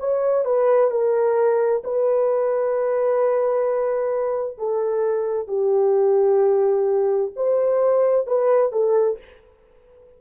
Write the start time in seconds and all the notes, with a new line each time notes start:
0.00 C#5
0.45 B4
0.91 A#4
1.85 B4
4.58 A4
5.48 G4
7.36 C5
8.27 B4
8.72 A4